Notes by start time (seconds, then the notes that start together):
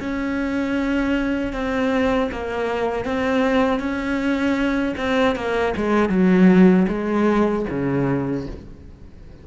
0.00 C#4
1.53 C4
2.31 A#3
3.05 C4
3.79 C#4
4.97 C4
5.35 A#3
5.77 G#3
6.09 F#3
6.88 G#3
7.70 C#3